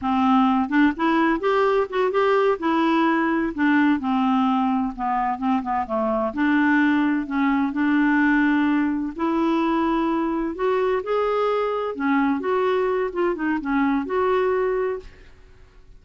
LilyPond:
\new Staff \with { instrumentName = "clarinet" } { \time 4/4 \tempo 4 = 128 c'4. d'8 e'4 g'4 | fis'8 g'4 e'2 d'8~ | d'8 c'2 b4 c'8 | b8 a4 d'2 cis'8~ |
cis'8 d'2. e'8~ | e'2~ e'8 fis'4 gis'8~ | gis'4. cis'4 fis'4. | f'8 dis'8 cis'4 fis'2 | }